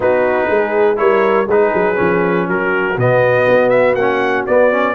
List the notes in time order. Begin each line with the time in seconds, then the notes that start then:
0.00 B3 D#4 F#4 B4
0.47 G#3 G#4
0.96 G3 E4 A#4 C#5
1.47 G#3 D#4 G#4 B4
1.74 F#3
1.95 F3 C#4
2.48 F#3 F#4 A#4
2.96 B2 B3 D#5
3.48 B3
3.69 E5
3.95 A#3 C#4 F#5
4.46 B3 D5
4.71 C#4